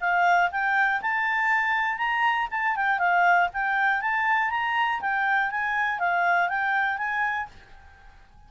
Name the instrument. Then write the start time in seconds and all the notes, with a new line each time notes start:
clarinet
0.00 F5
0.51 G5
1.01 A5
1.97 A#5
2.50 A5
2.76 G5
2.98 F5
3.53 G5
4.01 A5
4.50 A#5
5.00 G5
5.50 G#5
5.99 F5
6.48 G5
6.97 G#5